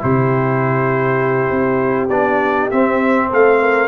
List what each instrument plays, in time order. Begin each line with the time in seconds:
0.00 tuba C3, trombone E4, horn G4, trumpet C5
1.51 tuba C4
2.09 tuba B3, trombone D4, trumpet D5
2.71 tuba C4, trombone C4, trumpet E5
3.30 tuba A3, horn A4, trumpet F5
3.62 horn A#4